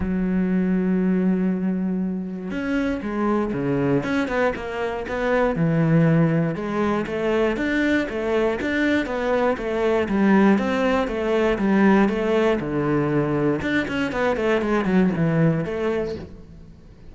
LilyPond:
\new Staff \with { instrumentName = "cello" } { \time 4/4 \tempo 4 = 119 fis1~ | fis4 cis'4 gis4 cis4 | cis'8 b8 ais4 b4 e4~ | e4 gis4 a4 d'4 |
a4 d'4 b4 a4 | g4 c'4 a4 g4 | a4 d2 d'8 cis'8 | b8 a8 gis8 fis8 e4 a4 | }